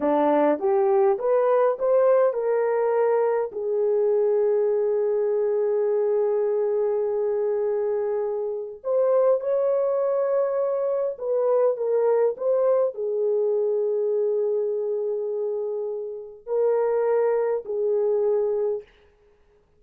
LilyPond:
\new Staff \with { instrumentName = "horn" } { \time 4/4 \tempo 4 = 102 d'4 g'4 b'4 c''4 | ais'2 gis'2~ | gis'1~ | gis'2. c''4 |
cis''2. b'4 | ais'4 c''4 gis'2~ | gis'1 | ais'2 gis'2 | }